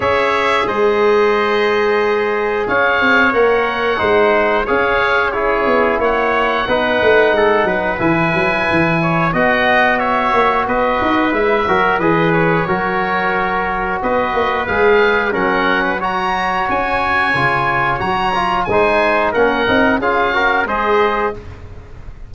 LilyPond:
<<
  \new Staff \with { instrumentName = "oboe" } { \time 4/4 \tempo 4 = 90 e''4 dis''2. | f''4 fis''2 f''4 | cis''4 fis''2. | gis''2 fis''4 e''4 |
dis''4 e''4 dis''8 cis''4.~ | cis''4 dis''4 f''4 fis''4 | ais''4 gis''2 ais''4 | gis''4 fis''4 f''4 dis''4 | }
  \new Staff \with { instrumentName = "trumpet" } { \time 4/4 cis''4 c''2. | cis''2 c''4 cis''4 | gis'4 cis''4 b'4 a'8 b'8~ | b'4. cis''8 dis''4 cis''4 |
b'4. ais'8 b'4 ais'4~ | ais'4 b'2 ais'8. b'16 | cis''1 | c''4 ais'4 gis'8 ais'8 c''4 | }
  \new Staff \with { instrumentName = "trombone" } { \time 4/4 gis'1~ | gis'4 ais'4 dis'4 gis'4 | e'2 dis'2 | e'2 fis'2~ |
fis'4 e'8 fis'8 gis'4 fis'4~ | fis'2 gis'4 cis'4 | fis'2 f'4 fis'8 f'8 | dis'4 cis'8 dis'8 f'8 fis'8 gis'4 | }
  \new Staff \with { instrumentName = "tuba" } { \time 4/4 cis'4 gis2. | cis'8 c'8 ais4 gis4 cis'4~ | cis'8 b8 ais4 b8 a8 gis8 fis8 | e8 fis8 e4 b4. ais8 |
b8 dis'8 gis8 fis8 e4 fis4~ | fis4 b8 ais8 gis4 fis4~ | fis4 cis'4 cis4 fis4 | gis4 ais8 c'8 cis'4 gis4 | }
>>